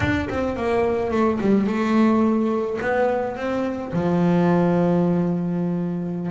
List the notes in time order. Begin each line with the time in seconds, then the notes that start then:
0.00 D4
0.29 C4
0.56 A#3
1.11 A3
1.40 G3
1.66 A3
2.81 B3
3.36 C4
3.93 F3